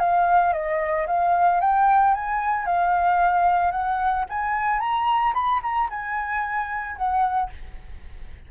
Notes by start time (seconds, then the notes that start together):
0.00 F5
0.53 D#5
1.07 F5
1.61 G5
2.15 G#5
2.66 F5
3.72 F#5
4.30 G#5
4.80 A#5
5.34 B5
5.63 A#5
5.90 G#5
6.97 F#5